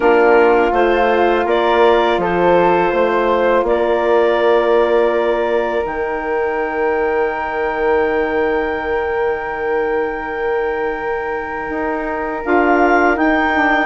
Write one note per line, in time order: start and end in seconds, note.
0.00 0.71 A#3
0.00 0.70 D4
0.00 1.46 F4
0.00 0.72 A#4
0.72 1.45 A3
0.72 5.82 F4
0.72 1.46 C5
1.45 2.17 A#3
1.45 2.19 A#4
1.45 2.21 D5
2.17 2.91 F3
2.17 2.91 A4
2.17 3.66 C5
2.91 3.62 A3
2.91 3.64 C5
3.62 5.82 A#3
3.62 5.85 D5
3.69 13.86 A#4
5.82 11.69 D#3
5.82 12.41 D#4
5.82 12.44 G5
11.69 12.42 D#4
12.44 13.18 D4
12.44 13.14 F4
12.44 13.17 F5
13.14 13.51 D#4
13.14 13.86 D#4
13.14 13.86 G5
13.54 13.86 D4